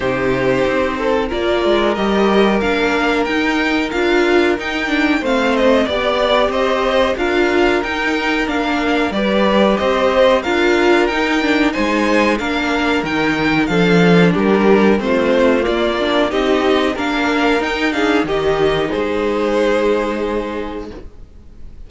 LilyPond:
<<
  \new Staff \with { instrumentName = "violin" } { \time 4/4 \tempo 4 = 92 c''2 d''4 dis''4 | f''4 g''4 f''4 g''4 | f''8 dis''8 d''4 dis''4 f''4 | g''4 f''4 d''4 dis''4 |
f''4 g''4 gis''4 f''4 | g''4 f''4 ais'4 c''4 | d''4 dis''4 f''4 g''8 f''8 | dis''4 c''2. | }
  \new Staff \with { instrumentName = "violin" } { \time 4/4 g'4. a'8 ais'2~ | ais'1 | c''4 d''4 c''4 ais'4~ | ais'2 b'4 c''4 |
ais'2 c''4 ais'4~ | ais'4 a'4 g'4 f'4~ | f'4 g'4 ais'4. gis'8 | g'4 gis'2. | }
  \new Staff \with { instrumentName = "viola" } { \time 4/4 dis'2 f'4 g'4 | d'4 dis'4 f'4 dis'8 d'8 | c'4 g'2 f'4 | dis'4 d'4 g'2 |
f'4 dis'8 d'8 dis'4 d'4 | dis'4 d'2 c'4 | ais8 d'8 dis'4 d'4 dis'8 d'8 | dis'1 | }
  \new Staff \with { instrumentName = "cello" } { \time 4/4 c4 c'4 ais8 gis8 g4 | ais4 dis'4 d'4 dis'4 | a4 b4 c'4 d'4 | dis'4 ais4 g4 c'4 |
d'4 dis'4 gis4 ais4 | dis4 f4 g4 a4 | ais4 c'4 ais4 dis'4 | dis4 gis2. | }
>>